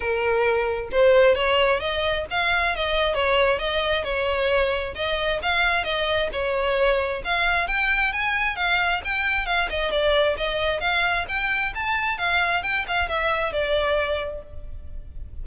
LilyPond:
\new Staff \with { instrumentName = "violin" } { \time 4/4 \tempo 4 = 133 ais'2 c''4 cis''4 | dis''4 f''4 dis''4 cis''4 | dis''4 cis''2 dis''4 | f''4 dis''4 cis''2 |
f''4 g''4 gis''4 f''4 | g''4 f''8 dis''8 d''4 dis''4 | f''4 g''4 a''4 f''4 | g''8 f''8 e''4 d''2 | }